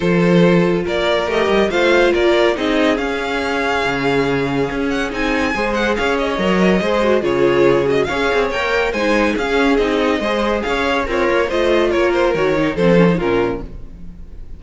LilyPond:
<<
  \new Staff \with { instrumentName = "violin" } { \time 4/4 \tempo 4 = 141 c''2 d''4 dis''4 | f''4 d''4 dis''4 f''4~ | f''2.~ f''8 fis''8 | gis''4. fis''8 f''8 dis''4.~ |
dis''4 cis''4. dis''8 f''4 | g''4 gis''4 f''4 dis''4~ | dis''4 f''4 cis''4 dis''4 | cis''8 c''8 cis''4 c''4 ais'4 | }
  \new Staff \with { instrumentName = "violin" } { \time 4/4 a'2 ais'2 | c''4 ais'4 gis'2~ | gis'1~ | gis'4 c''4 cis''2 |
c''4 gis'2 cis''4~ | cis''4 c''4 gis'2 | c''4 cis''4 f'4 c''4 | ais'2 a'4 f'4 | }
  \new Staff \with { instrumentName = "viola" } { \time 4/4 f'2. g'4 | f'2 dis'4 cis'4~ | cis'1 | dis'4 gis'2 ais'4 |
gis'8 fis'8 f'4. fis'8 gis'4 | ais'4 dis'4 cis'4 dis'4 | gis'2 ais'4 f'4~ | f'4 fis'8 dis'8 c'8 cis'16 dis'16 cis'4 | }
  \new Staff \with { instrumentName = "cello" } { \time 4/4 f2 ais4 a8 g8 | a4 ais4 c'4 cis'4~ | cis'4 cis2 cis'4 | c'4 gis4 cis'4 fis4 |
gis4 cis2 cis'8 c'8 | ais4 gis4 cis'4 c'4 | gis4 cis'4 c'8 ais8 a4 | ais4 dis4 f4 ais,4 | }
>>